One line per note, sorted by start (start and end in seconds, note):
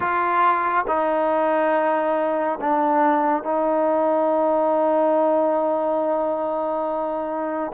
0.00 0.85 F4
0.87 2.59 D#4
2.61 3.43 D4
3.43 7.71 D#4